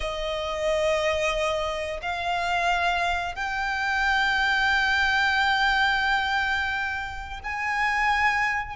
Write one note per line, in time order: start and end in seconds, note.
0.00 2.00 D#5
2.02 3.35 F5
3.35 7.39 G5
7.43 8.75 G#5